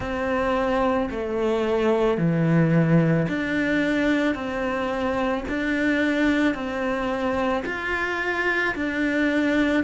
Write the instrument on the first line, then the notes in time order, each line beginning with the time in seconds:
cello
0.00 C4
1.10 A3
2.17 E3
3.28 D4
4.34 C4
5.48 D4
6.54 C4
7.65 F4
8.75 D4